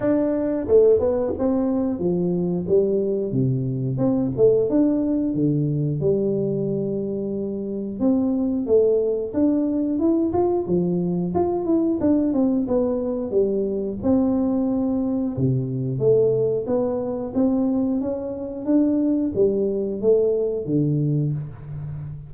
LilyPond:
\new Staff \with { instrumentName = "tuba" } { \time 4/4 \tempo 4 = 90 d'4 a8 b8 c'4 f4 | g4 c4 c'8 a8 d'4 | d4 g2. | c'4 a4 d'4 e'8 f'8 |
f4 f'8 e'8 d'8 c'8 b4 | g4 c'2 c4 | a4 b4 c'4 cis'4 | d'4 g4 a4 d4 | }